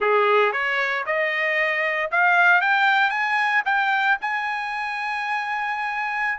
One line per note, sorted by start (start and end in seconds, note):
0.00 0.52 G#4
0.52 1.04 C#5
1.06 2.10 D#5
2.11 2.61 F5
2.61 3.10 G5
3.10 3.62 G#5
3.65 4.17 G5
4.21 6.38 G#5